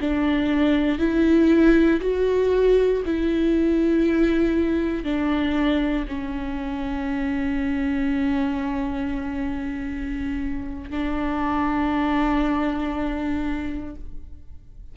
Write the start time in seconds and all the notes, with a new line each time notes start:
0.00 D4
0.98 E4
2.01 F#4
3.06 E4
5.04 D4
6.08 C#4
10.90 D4